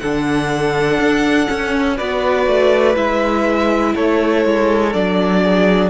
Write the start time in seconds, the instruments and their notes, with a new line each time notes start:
0.00 cello D3, viola D4, violin A4 F#5
0.98 cello D4
1.47 viola C#4, cello C#4
1.97 cello B3, viola F#4, violin B4 D5
2.46 cello A3
2.95 cello G#3, viola E4, violin E5
3.95 cello A3, violin A4 C#5
4.45 cello G#3
4.93 cello F#3, viola D4, violin D5
5.42 violin G#4